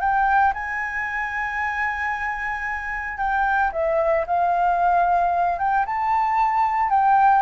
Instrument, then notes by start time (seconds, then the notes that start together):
flute
0.00 G5
0.54 G#5
3.18 G5
3.72 E5
4.26 F5
5.59 G5
5.86 A5
6.90 G5